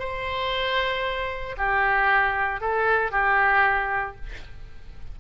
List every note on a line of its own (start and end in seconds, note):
0.00 1.57 C5
1.58 2.61 G4
2.61 3.12 A4
3.12 4.16 G4